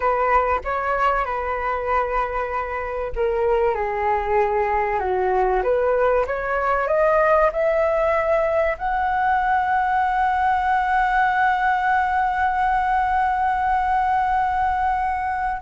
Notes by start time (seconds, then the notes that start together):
0.00 B4
0.64 C#5
1.25 B4
3.15 A#4
3.74 G#4
4.99 F#4
5.63 B4
6.26 C#5
6.88 D#5
7.52 E5
8.78 F#5